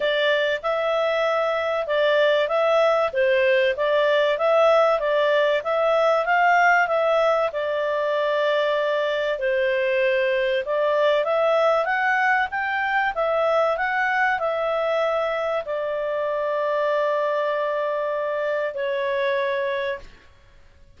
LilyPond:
\new Staff \with { instrumentName = "clarinet" } { \time 4/4 \tempo 4 = 96 d''4 e''2 d''4 | e''4 c''4 d''4 e''4 | d''4 e''4 f''4 e''4 | d''2. c''4~ |
c''4 d''4 e''4 fis''4 | g''4 e''4 fis''4 e''4~ | e''4 d''2.~ | d''2 cis''2 | }